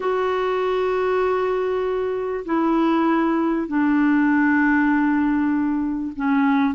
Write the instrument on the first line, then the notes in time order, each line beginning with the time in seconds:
clarinet
0.00 F#4
2.45 E4
3.67 D4
6.15 C#4